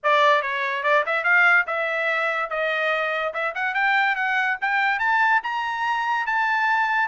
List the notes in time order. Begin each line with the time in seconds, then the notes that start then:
0.03 D5
0.42 C#5
0.83 D5
1.06 E5
1.24 F5
1.67 E5
2.49 D#5
3.33 E5
3.54 F#5
3.74 G5
4.15 F#5
4.61 G5
4.99 A5
5.43 A#5
6.26 A5